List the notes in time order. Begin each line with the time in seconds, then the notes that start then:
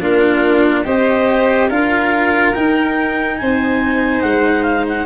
0.00 A#3 D4 F4 A#4
0.84 C4 G4 C5 D#5
1.68 D4 F4 A#4 F5
2.53 D#4 G5
3.37 C4 C5 G#5
4.21 G#3 F#5
4.63 F5
4.88 F#5